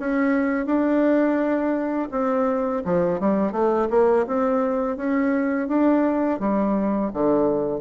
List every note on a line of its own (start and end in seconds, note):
0.00 0.67 C#4
0.67 2.09 D4
2.12 2.83 C4
2.85 3.20 F3
3.20 3.53 G3
3.53 3.88 A3
3.91 4.26 A#3
4.27 4.97 C4
4.97 5.69 C#4
5.69 6.40 D4
6.40 7.12 G3
7.14 7.81 D3